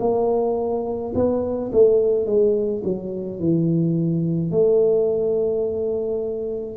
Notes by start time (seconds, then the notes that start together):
0.00 A#3
1.15 B3
1.72 A3
2.26 G#3
2.84 F#3
3.40 E3
4.51 A3